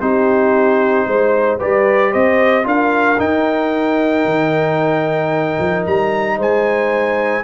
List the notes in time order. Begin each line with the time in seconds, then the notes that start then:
0.00 C4 D#4 G4 C5
1.07 G#3 C5
1.59 G3 G4 B4 D5
2.11 C4 C5 D#5
2.63 D4 F4 A#4 F5
3.18 D#4 G5
4.25 D#3
5.59 F3
5.86 G3 A#5
6.37 G#3 C5 G#5